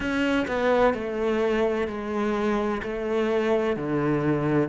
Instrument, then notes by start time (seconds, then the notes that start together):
cello
0.00 C#4
0.47 B3
0.94 A3
1.87 G#3
2.83 A3
3.76 D3